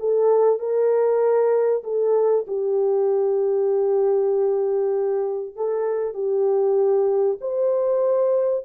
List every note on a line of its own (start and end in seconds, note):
0.00 0.59 A4
0.59 1.83 A#4
1.84 2.46 A4
2.47 5.56 G4
5.56 6.14 A4
6.14 7.38 G4
7.41 8.65 C5